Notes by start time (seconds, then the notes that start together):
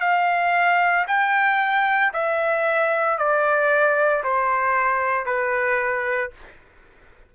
0.00 F5
1.07 G5
2.13 E5
3.18 D5
4.23 C5
5.25 B4